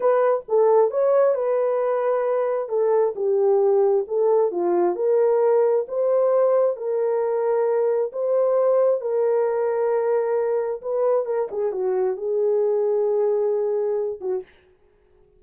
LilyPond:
\new Staff \with { instrumentName = "horn" } { \time 4/4 \tempo 4 = 133 b'4 a'4 cis''4 b'4~ | b'2 a'4 g'4~ | g'4 a'4 f'4 ais'4~ | ais'4 c''2 ais'4~ |
ais'2 c''2 | ais'1 | b'4 ais'8 gis'8 fis'4 gis'4~ | gis'2.~ gis'8 fis'8 | }